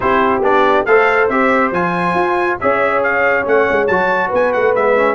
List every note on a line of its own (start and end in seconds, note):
0.00 0.41 C4
0.00 0.41 E4
0.00 0.87 G4
0.00 0.43 C5
0.41 0.84 B3
0.41 0.86 D4
0.41 0.85 D5
0.85 1.29 A3
0.85 1.30 A4
0.85 2.60 C5
0.85 1.28 F5
1.29 1.71 C4
1.29 1.73 G4
1.29 1.72 E5
1.71 2.14 F3
1.71 2.60 F4
1.71 2.59 G#5
2.14 2.57 F4
2.60 3.46 C#4
2.60 3.43 G#4
2.60 4.28 C#5
2.60 3.03 E5
3.03 3.46 F5
3.43 3.68 A3
3.43 3.86 C#4
3.43 3.87 F#5
3.71 3.88 G#3
3.87 4.31 F#3
3.87 4.76 F#4
3.87 4.30 A5
4.28 4.54 B3
4.28 5.14 B4
4.34 4.52 G#5
4.52 4.75 A3
4.52 4.74 F#5
4.75 5.15 G#3
4.75 4.96 B3
4.75 5.15 E5
4.96 5.15 C#4